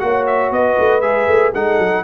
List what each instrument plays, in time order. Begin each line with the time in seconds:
0.00 tuba A#3, trombone F#4, horn C#5, trumpet F#5
0.27 trumpet E5
0.51 tuba B3, horn B4, trumpet D#5
0.79 tuba A3
1.01 tuba G#3, trombone G#4, trumpet E5
1.28 tuba A3
1.54 tuba G#3, trombone D#4, horn A4, trumpet F#5
1.78 tuba F#3